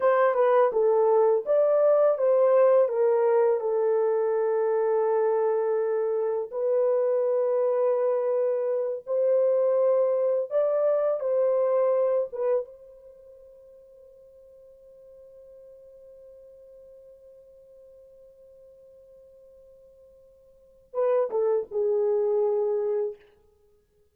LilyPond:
\new Staff \with { instrumentName = "horn" } { \time 4/4 \tempo 4 = 83 c''8 b'8 a'4 d''4 c''4 | ais'4 a'2.~ | a'4 b'2.~ | b'8 c''2 d''4 c''8~ |
c''4 b'8 c''2~ c''8~ | c''1~ | c''1~ | c''4 b'8 a'8 gis'2 | }